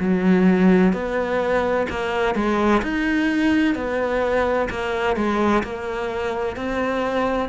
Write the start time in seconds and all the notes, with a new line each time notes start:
0.00 F#3
0.93 B3
1.90 A#3
2.35 G#3
2.83 D#4
3.75 B3
4.70 A#3
5.16 G#3
5.64 A#3
6.56 C4